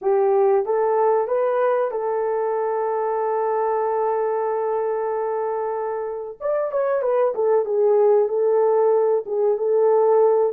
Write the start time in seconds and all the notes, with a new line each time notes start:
0.01 G4
0.65 A4
1.27 B4
1.91 A4
6.40 D5
6.71 C#5
7.02 B4
7.34 A4
7.65 G#4
8.28 A4
9.26 G#4
9.57 A4